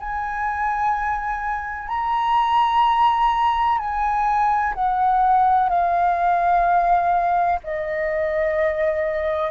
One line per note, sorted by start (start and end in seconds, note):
0.00 1.89 G#5
1.89 3.79 A#5
3.79 4.74 G#5
4.75 5.70 F#5
5.70 7.60 F5
7.64 9.51 D#5